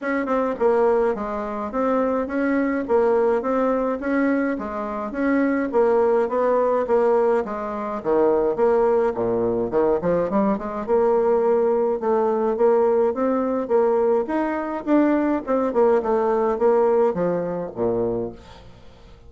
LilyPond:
\new Staff \with { instrumentName = "bassoon" } { \time 4/4 \tempo 4 = 105 cis'8 c'8 ais4 gis4 c'4 | cis'4 ais4 c'4 cis'4 | gis4 cis'4 ais4 b4 | ais4 gis4 dis4 ais4 |
ais,4 dis8 f8 g8 gis8 ais4~ | ais4 a4 ais4 c'4 | ais4 dis'4 d'4 c'8 ais8 | a4 ais4 f4 ais,4 | }